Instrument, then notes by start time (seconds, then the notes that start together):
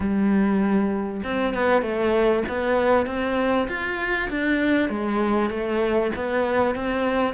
cello
0.00 G3
1.23 C4
1.53 B3
1.82 A3
2.48 B3
3.06 C4
3.68 F4
4.30 D4
4.89 G#3
5.50 A3
6.15 B3
6.75 C4